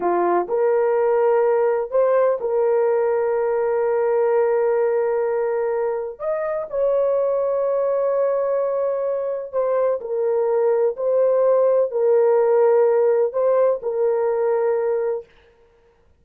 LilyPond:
\new Staff \with { instrumentName = "horn" } { \time 4/4 \tempo 4 = 126 f'4 ais'2. | c''4 ais'2.~ | ais'1~ | ais'4 dis''4 cis''2~ |
cis''1 | c''4 ais'2 c''4~ | c''4 ais'2. | c''4 ais'2. | }